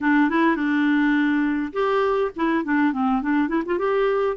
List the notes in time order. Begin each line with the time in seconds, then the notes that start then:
0.00 D4
0.29 E4
0.56 D4
1.72 G4
2.35 E4
2.64 D4
2.93 C4
3.22 D4
3.48 E4
3.65 F4
3.78 G4